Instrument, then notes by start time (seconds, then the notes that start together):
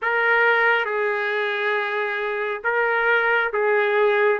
trumpet
0.02 A#4
0.85 G#4
2.64 A#4
3.53 G#4